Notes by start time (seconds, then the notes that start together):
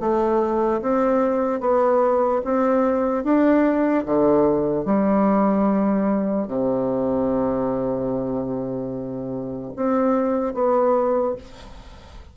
0.00 A3
0.81 C4
1.60 B3
2.44 C4
3.24 D4
4.05 D3
4.85 G3
6.48 C3
9.76 C4
10.54 B3